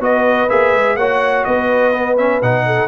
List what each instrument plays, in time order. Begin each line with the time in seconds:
0.00 tuba B3, trombone F#4, horn B4, trumpet D#5
0.50 tuba A#3, trombone G#4, trumpet E5
0.74 tuba G#3
0.96 tuba A#3, trombone F#4, horn C#5, trumpet F#5
1.44 tuba B3, horn B4, trumpet D#5
1.94 trombone B3
2.18 trombone C#4, trumpet E5
2.42 tuba B2, trombone D#4, trumpet F#5
2.67 horn A4